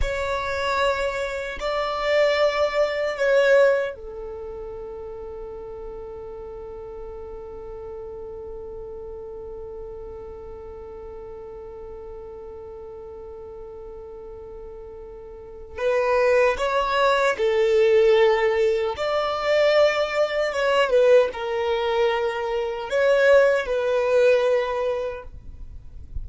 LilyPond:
\new Staff \with { instrumentName = "violin" } { \time 4/4 \tempo 4 = 76 cis''2 d''2 | cis''4 a'2.~ | a'1~ | a'1~ |
a'1 | b'4 cis''4 a'2 | d''2 cis''8 b'8 ais'4~ | ais'4 cis''4 b'2 | }